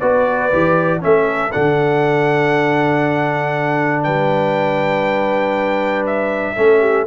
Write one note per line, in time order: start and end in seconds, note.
0.00 0.52 B3
0.00 0.51 F#4
0.00 1.01 B4
0.00 1.01 D5
0.52 1.03 E3
0.52 1.01 G4
1.01 1.55 A3
1.01 1.51 C#4
1.01 4.04 A4
1.01 1.52 E5
1.52 4.07 D3
1.52 6.56 D4
1.52 4.04 F#5
4.04 6.57 G3
4.04 6.56 B4
4.04 6.05 G5
6.06 7.07 E5
6.56 7.07 A3
6.56 7.07 C#4
6.56 6.81 A4
6.81 7.06 G4